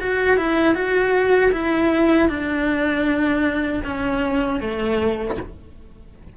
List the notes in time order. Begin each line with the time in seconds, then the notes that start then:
0.00 F#4
0.37 E4
0.75 F#4
1.52 E4
2.29 D4
3.85 C#4
4.60 A3